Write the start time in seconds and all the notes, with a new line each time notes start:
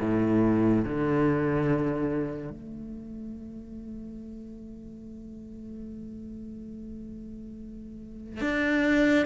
0.00 A2
0.84 D3
2.50 A3
8.41 D4